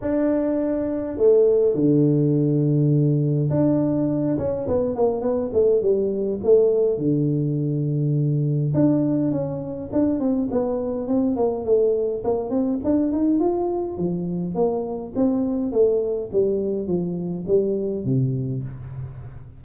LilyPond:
\new Staff \with { instrumentName = "tuba" } { \time 4/4 \tempo 4 = 103 d'2 a4 d4~ | d2 d'4. cis'8 | b8 ais8 b8 a8 g4 a4 | d2. d'4 |
cis'4 d'8 c'8 b4 c'8 ais8 | a4 ais8 c'8 d'8 dis'8 f'4 | f4 ais4 c'4 a4 | g4 f4 g4 c4 | }